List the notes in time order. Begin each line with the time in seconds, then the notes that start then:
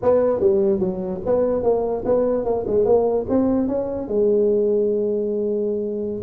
0.02 B3
0.40 G3
0.79 F#3
1.25 B3
1.63 A#3
2.05 B3
2.44 A#3
2.66 G#3
2.85 A#3
3.29 C4
3.67 C#4
4.08 G#3